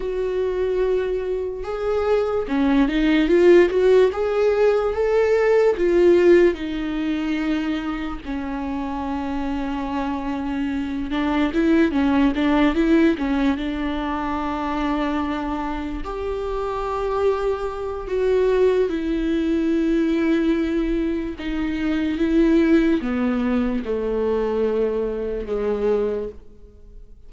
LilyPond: \new Staff \with { instrumentName = "viola" } { \time 4/4 \tempo 4 = 73 fis'2 gis'4 cis'8 dis'8 | f'8 fis'8 gis'4 a'4 f'4 | dis'2 cis'2~ | cis'4. d'8 e'8 cis'8 d'8 e'8 |
cis'8 d'2. g'8~ | g'2 fis'4 e'4~ | e'2 dis'4 e'4 | b4 a2 gis4 | }